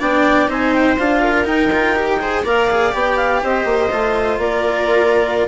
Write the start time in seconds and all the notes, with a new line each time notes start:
0.00 B3 D4 D5 G5
0.48 C4 D#4 C5 G#5
0.73 G5
0.99 D4 F4 F5
1.22 A#4
1.45 D#4 G5
1.73 F4
1.96 G4
2.20 G#4 C5
2.44 A#3 A#4 D5 F5
2.70 G#4
2.92 B3 G4 G5
3.17 F5
3.43 C4 C5 D#5
3.65 A#3
3.91 A3 F4
4.38 A#3 A#4 D5